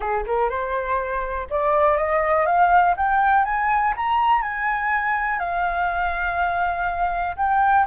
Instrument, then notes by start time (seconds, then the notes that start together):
flute
0.00 G#4
0.26 A#4
0.49 C5
1.50 D5
1.97 D#5
2.45 F5
2.96 G5
3.44 G#5
3.96 A#5
4.42 G#5
5.39 F5
7.36 G5